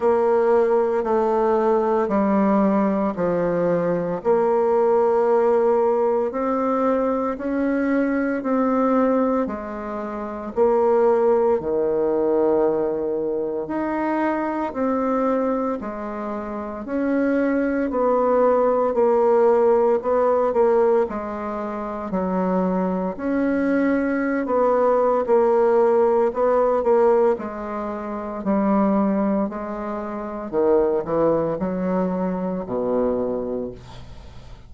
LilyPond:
\new Staff \with { instrumentName = "bassoon" } { \time 4/4 \tempo 4 = 57 ais4 a4 g4 f4 | ais2 c'4 cis'4 | c'4 gis4 ais4 dis4~ | dis4 dis'4 c'4 gis4 |
cis'4 b4 ais4 b8 ais8 | gis4 fis4 cis'4~ cis'16 b8. | ais4 b8 ais8 gis4 g4 | gis4 dis8 e8 fis4 b,4 | }